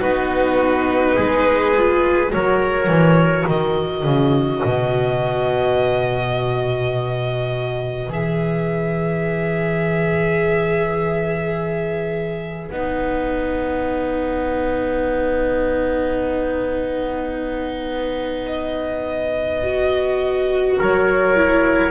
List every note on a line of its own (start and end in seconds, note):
0.00 1.17 B3
0.00 1.74 D#4
0.00 1.15 F#4
0.00 2.31 B4
1.15 2.33 G#3
1.15 2.30 G#4
1.77 2.29 F4
2.29 2.87 F#3
2.29 8.06 F#4
2.29 3.46 A#4
2.29 3.47 C#5
2.87 3.44 E3
3.46 4.04 D#3
3.46 20.77 B4
3.46 8.11 D#5
4.04 4.61 C#3
4.64 8.08 B2
8.08 12.69 E3
8.08 12.71 G#4
8.08 12.69 E5
12.69 20.78 B3
12.69 19.63 D#4
12.69 18.46 F#5
18.46 20.77 D#5
19.63 21.36 F#4
20.79 21.91 F#3
20.79 21.91 A#4
20.79 21.91 C#5
21.36 21.91 E4